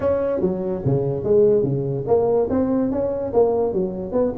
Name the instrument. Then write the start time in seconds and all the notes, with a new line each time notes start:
tuba
0.00 C#4
0.40 F#3
0.85 C#3
1.23 G#3
1.63 C#3
2.07 A#3
2.50 C4
2.91 C#4
3.33 A#3
3.73 F#3
4.12 B3